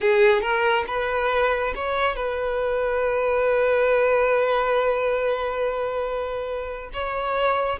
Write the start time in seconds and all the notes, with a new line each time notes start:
0.00 G#4
0.41 A#4
0.87 B4
1.75 C#5
2.15 B4
6.93 C#5